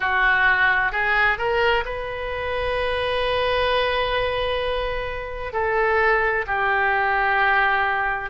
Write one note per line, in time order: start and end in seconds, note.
0.00 0.91 F#4
0.91 1.38 G#4
1.38 1.84 A#4
1.85 5.52 B4
5.52 6.44 A4
6.46 8.30 G4